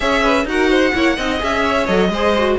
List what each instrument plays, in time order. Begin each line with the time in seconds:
0.00 cello C#4, viola G#4, violin C#5 E5
0.22 violin B4
0.44 cello D#4, viola F#4, violin F#5
0.50 violin A#4
0.70 violin C5
0.94 cello A#3, viola E4, violin C#5
1.16 cello C4, viola D#4, violin D#5
1.38 cello C#4, viola G#4, violin E5
1.64 violin C#5
1.86 cello F#3, viola A4, violin D#5
2.08 cello G#3, viola G#4, violin C5
2.37 viola F#4